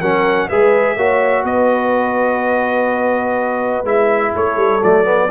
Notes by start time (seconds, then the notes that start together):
0.00 F#3 C#4 A#4 F#5
0.48 G#3 G#4 B4 E5
0.96 A#3 F#4 C#5
1.43 B3 B4 D#5
3.83 G#3 E4 E5
4.33 A3 A4 C#5
4.56 G3
4.83 F#3 A3 D5
5.04 B3